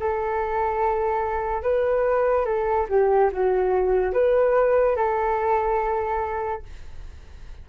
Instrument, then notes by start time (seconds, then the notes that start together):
flute
0.00 A4
1.63 B4
2.46 A4
2.89 G4
3.33 F#4
4.14 B4
4.96 A4